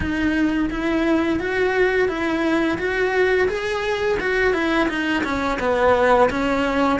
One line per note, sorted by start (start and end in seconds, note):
0.00 0.69 D#4
0.70 1.39 E4
1.39 2.08 F#4
2.08 2.77 E4
2.78 3.48 F#4
3.48 4.18 G#4
4.19 4.53 F#4
4.53 4.88 E4
4.88 5.23 D#4
5.24 5.58 C#4
5.59 6.29 B3
6.29 6.99 C#4